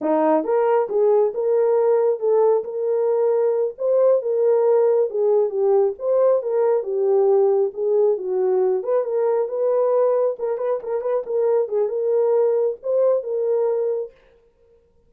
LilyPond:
\new Staff \with { instrumentName = "horn" } { \time 4/4 \tempo 4 = 136 dis'4 ais'4 gis'4 ais'4~ | ais'4 a'4 ais'2~ | ais'8 c''4 ais'2 gis'8~ | gis'8 g'4 c''4 ais'4 g'8~ |
g'4. gis'4 fis'4. | b'8 ais'4 b'2 ais'8 | b'8 ais'8 b'8 ais'4 gis'8 ais'4~ | ais'4 c''4 ais'2 | }